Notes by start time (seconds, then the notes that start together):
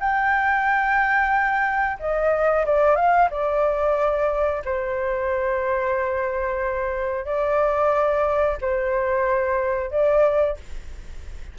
0.00 G5
2.00 D#5
2.66 D5
2.96 F5
3.31 D5
4.65 C5
7.25 D5
8.62 C5
9.91 D5